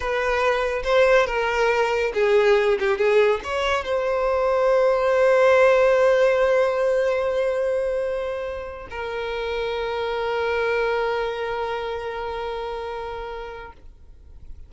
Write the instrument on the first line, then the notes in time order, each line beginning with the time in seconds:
violin
0.00 B4
0.83 C5
1.26 A#4
2.14 G#4
2.79 G4
2.97 G#4
3.43 C#5
3.84 C5
8.90 A#4